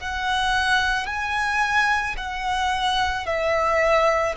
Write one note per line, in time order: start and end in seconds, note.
0.00 1.07 F#5
1.07 2.16 G#5
2.18 3.26 F#5
3.26 4.35 E5